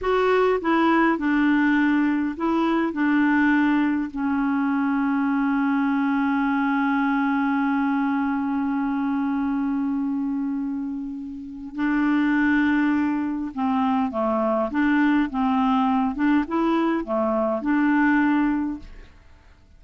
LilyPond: \new Staff \with { instrumentName = "clarinet" } { \time 4/4 \tempo 4 = 102 fis'4 e'4 d'2 | e'4 d'2 cis'4~ | cis'1~ | cis'1~ |
cis'1 | d'2. c'4 | a4 d'4 c'4. d'8 | e'4 a4 d'2 | }